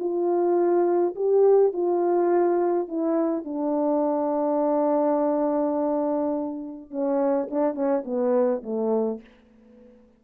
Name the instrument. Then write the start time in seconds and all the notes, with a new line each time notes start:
horn
0.00 F4
1.16 G4
1.74 F4
2.89 E4
3.45 D4
6.91 C#4
7.51 D4
7.75 C#4
8.05 B3
8.63 A3